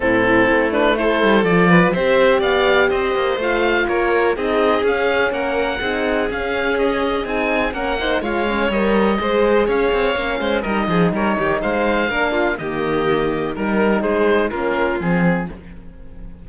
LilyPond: <<
  \new Staff \with { instrumentName = "oboe" } { \time 4/4 \tempo 4 = 124 a'4. b'8 c''4 d''4 | e''4 f''4 dis''4 f''4 | cis''4 dis''4 f''4 fis''4~ | fis''4 f''4 dis''4 gis''4 |
fis''4 f''4 dis''2 | f''2 dis''4 cis''4 | f''2 dis''2 | ais'4 c''4 ais'4 gis'4 | }
  \new Staff \with { instrumentName = "violin" } { \time 4/4 e'2 a'4. b'8 | c''4 d''4 c''2 | ais'4 gis'2 ais'4 | gis'1 |
ais'8 c''8 cis''2 c''4 | cis''4. c''8 ais'8 gis'8 ais'8 g'8 | c''4 ais'8 f'8 g'2 | ais'4 gis'4 f'2 | }
  \new Staff \with { instrumentName = "horn" } { \time 4/4 c'4. d'8 e'4 f'4 | g'2. f'4~ | f'4 dis'4 cis'2 | dis'4 cis'2 dis'4 |
cis'8 dis'8 f'8 cis'8 ais'4 gis'4~ | gis'4 cis'4 dis'2~ | dis'4 d'4 ais2 | dis'2 cis'4 c'4 | }
  \new Staff \with { instrumentName = "cello" } { \time 4/4 a,4 a4. g8 f4 | c'4 b4 c'8 ais8 a4 | ais4 c'4 cis'4 ais4 | c'4 cis'2 c'4 |
ais4 gis4 g4 gis4 | cis'8 c'8 ais8 gis8 g8 f8 g8 dis8 | gis4 ais4 dis2 | g4 gis4 ais4 f4 | }
>>